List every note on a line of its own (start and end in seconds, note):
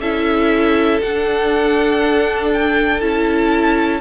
0.00 1.00 C#4
0.00 1.02 E4
0.00 4.01 A4
0.00 1.01 E5
1.02 3.02 D4
1.02 3.01 D4
1.02 2.52 F#5
2.53 3.01 G5
3.01 4.01 C#4
3.01 4.01 E4
3.01 4.01 A5